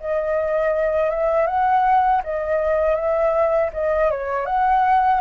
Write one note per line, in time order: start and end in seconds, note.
0.00 1.10 D#5
1.10 1.47 E5
1.47 2.22 F#5
2.24 2.95 D#5
2.95 3.70 E5
3.73 4.10 D#5
4.10 4.46 C#5
4.46 5.21 F#5